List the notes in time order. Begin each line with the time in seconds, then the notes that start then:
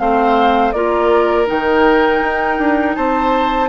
0.00 A3 C4 C5 F5
0.72 A#3 F4 A#4 D5
1.46 D#3 D#4 G5
2.22 D#4
2.59 D4
2.95 C4 C5 A5